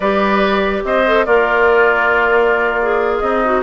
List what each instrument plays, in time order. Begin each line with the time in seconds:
0.00 bassoon G3, clarinet G4, oboe B4, flute D5
0.84 bassoon C4, oboe C5, flute D#5
1.06 clarinet A4
1.25 bassoon A#3, oboe F4, clarinet A#4, flute D5
2.82 clarinet G#4
3.19 bassoon C4, oboe D#4, flute D#5
3.45 clarinet F#4